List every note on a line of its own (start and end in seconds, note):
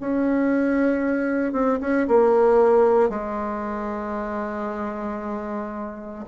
0.00 1.52 C#4
1.52 1.78 C4
1.80 2.07 C#4
2.08 3.09 A#3
3.09 6.25 G#3